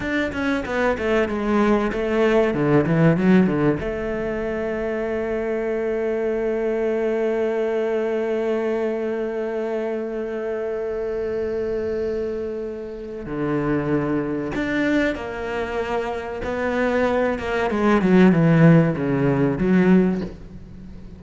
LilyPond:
\new Staff \with { instrumentName = "cello" } { \time 4/4 \tempo 4 = 95 d'8 cis'8 b8 a8 gis4 a4 | d8 e8 fis8 d8 a2~ | a1~ | a1~ |
a1~ | a4 d2 d'4 | ais2 b4. ais8 | gis8 fis8 e4 cis4 fis4 | }